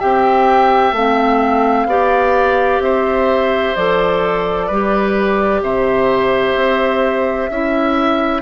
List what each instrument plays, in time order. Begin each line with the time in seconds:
0.00 bassoon C4, clarinet G4, oboe E5, flute G5
0.92 bassoon A3, clarinet C4, flute F5
1.86 bassoon B3, clarinet G4, oboe D5
2.80 bassoon C4, oboe C5, flute E5
3.75 bassoon F3, clarinet A4, flute D5
4.67 bassoon G3, clarinet G4, oboe B4
5.63 bassoon C3, oboe C5, flute E5
6.55 bassoon C4
7.50 bassoon C#4, clarinet E4, oboe E5